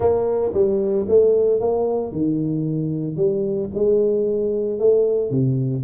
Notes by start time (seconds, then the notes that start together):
0.00 A#3
0.53 G3
1.08 A3
1.60 A#3
2.12 D#3
3.16 G3
3.74 G#3
4.79 A3
5.30 C3